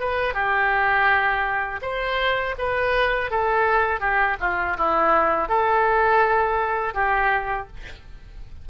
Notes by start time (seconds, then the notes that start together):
0.00 B4
0.34 G4
1.82 C5
2.58 B4
3.31 A4
4.00 G4
4.40 F4
4.78 E4
5.49 A4
6.94 G4